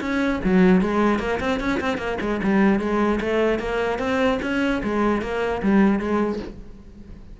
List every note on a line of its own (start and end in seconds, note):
0.00 0.40 C#4
0.44 0.81 F#3
0.81 1.19 G#3
1.19 1.39 A#3
1.40 1.60 C4
1.60 1.80 C#4
1.80 1.97 C4
1.97 2.17 A#3
2.21 2.41 G#3
2.43 2.79 G3
2.79 3.19 G#3
3.20 3.59 A3
3.59 3.99 A#3
3.99 4.39 C4
4.42 4.82 C#4
4.83 5.21 G#3
5.21 5.61 A#3
5.62 5.99 G3
5.99 6.39 G#3